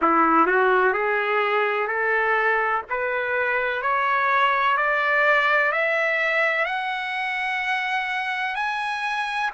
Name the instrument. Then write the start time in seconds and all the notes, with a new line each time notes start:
trumpet
0.01 E4
0.46 F#4
0.93 G#4
1.87 A4
2.89 B4
3.82 C#5
4.77 D5
5.71 E5
6.65 F#5
8.55 G#5